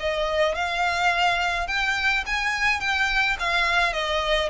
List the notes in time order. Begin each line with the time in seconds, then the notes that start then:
0.00 D#5
0.55 F5
1.67 G5
2.26 G#5
2.80 G5
3.39 F5
3.93 D#5